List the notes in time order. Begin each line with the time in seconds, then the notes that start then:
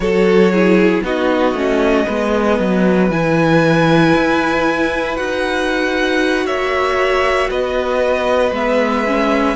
0.00 F#3 F#4 A4 C#5
0.51 E4 G#4
1.03 B3 D#4 F#4 D#5
1.53 A3 C#4
2.06 G#3 B3 B4
2.59 F#3
3.09 E3 E4 G#5
4.15 E4
5.15 D#4 F#4 F#5
6.45 A#3 C#5 E5
7.49 B3 B4 D#5
8.51 G#3 B3 E5
9.07 C#4